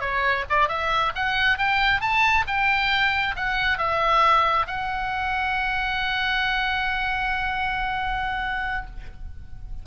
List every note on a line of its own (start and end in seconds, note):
0.00 0.44 C#5
0.49 0.68 D5
0.68 1.12 E5
1.15 1.58 F#5
1.58 2.00 G5
2.00 2.44 A5
2.47 3.35 G5
3.36 3.78 F#5
3.78 4.66 E5
4.66 8.86 F#5